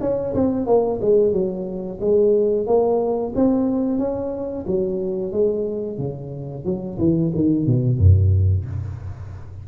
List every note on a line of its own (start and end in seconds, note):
0.00 0.33 C#4
0.34 0.66 C4
0.66 0.99 A#3
1.01 1.32 G#3
1.32 1.99 F#3
2.00 2.66 G#3
2.66 3.33 A#3
3.35 3.98 C4
3.98 4.65 C#4
4.67 5.32 F#3
5.32 5.98 G#3
5.98 6.64 C#3
6.65 6.98 F#3
6.98 7.32 E3
7.34 7.66 D#3
7.66 7.98 B2
7.98 8.65 F#2